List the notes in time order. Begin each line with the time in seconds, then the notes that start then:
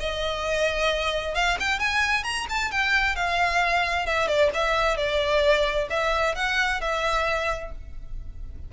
0.00 D#5
1.35 F5
1.60 G5
1.79 G#5
2.24 A#5
2.49 A5
2.71 G5
3.15 F5
4.06 E5
4.27 D5
4.54 E5
4.97 D5
5.90 E5
6.35 F#5
6.81 E5